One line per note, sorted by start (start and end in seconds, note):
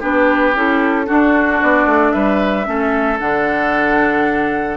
0.00 0.55 B3
0.00 0.54 D4
0.00 1.06 G4
0.00 0.56 B4
0.55 1.08 C#4
0.55 1.06 E4
0.55 1.62 A4
1.06 2.65 D4
1.06 1.62 D4
1.06 2.13 F#4
1.62 1.86 B3
1.62 2.12 D5
1.86 2.12 A3
2.12 2.67 G3
2.12 2.66 B4
2.12 3.19 E5
2.65 3.20 A3
2.65 3.18 C#4
2.65 4.77 A4
3.19 4.77 D3
3.19 4.77 D4
3.19 4.77 F#5